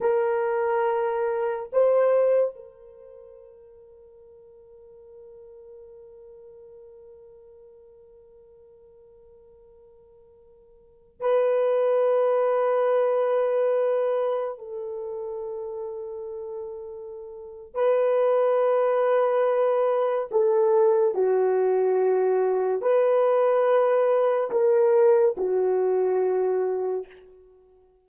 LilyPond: \new Staff \with { instrumentName = "horn" } { \time 4/4 \tempo 4 = 71 ais'2 c''4 ais'4~ | ais'1~ | ais'1~ | ais'4~ ais'16 b'2~ b'8.~ |
b'4~ b'16 a'2~ a'8.~ | a'4 b'2. | a'4 fis'2 b'4~ | b'4 ais'4 fis'2 | }